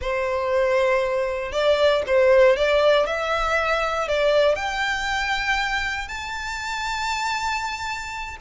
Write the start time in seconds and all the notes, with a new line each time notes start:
0.01 C5
1.51 D5
2.06 C5
2.56 D5
3.06 E5
4.08 D5
4.55 G5
6.07 A5